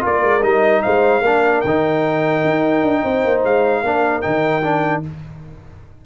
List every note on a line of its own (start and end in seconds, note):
0.00 0.22 A#3
0.00 0.40 F4
0.00 0.82 A#4
0.00 0.43 D5
0.22 0.42 G#3
0.42 0.83 G3
0.42 1.22 D#4
0.42 0.82 D#5
0.82 1.21 G#3
0.82 1.22 C5
0.82 1.61 F5
1.21 1.61 A#3
1.21 1.65 D4
1.21 3.02 A#4
1.61 2.44 D#3
1.61 3.41 G5
1.67 3.85 D#4
2.44 2.82 D#4
2.82 3.02 D4
3.02 3.24 C4
3.02 3.82 C5
3.24 3.44 A#3
3.44 3.83 G#3
3.44 4.21 F5
3.83 4.23 A#3
3.83 4.22 D4
3.83 5.04 A#4
4.21 5.05 D#3
4.21 4.62 D#4
4.21 5.01 G5
4.62 5.03 D4